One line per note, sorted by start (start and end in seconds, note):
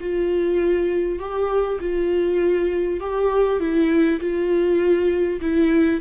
0.00 1.19 F4
1.19 1.79 G4
1.80 3.00 F4
3.00 3.59 G4
3.59 4.19 E4
4.20 5.40 F4
5.41 6.01 E4